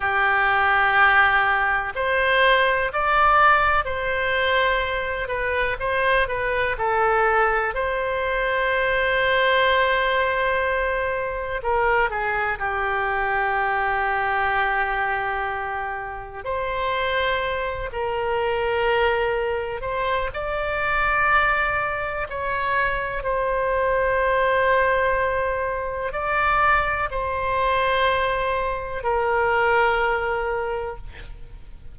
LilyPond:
\new Staff \with { instrumentName = "oboe" } { \time 4/4 \tempo 4 = 62 g'2 c''4 d''4 | c''4. b'8 c''8 b'8 a'4 | c''1 | ais'8 gis'8 g'2.~ |
g'4 c''4. ais'4.~ | ais'8 c''8 d''2 cis''4 | c''2. d''4 | c''2 ais'2 | }